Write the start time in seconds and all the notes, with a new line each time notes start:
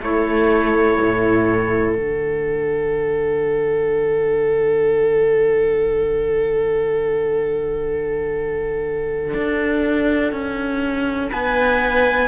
0.00 A3 E4 A4 C#5
1.01 A2
1.92 D3 D4 F#5
9.34 D4
10.32 C#4
11.30 B3 B4 G#5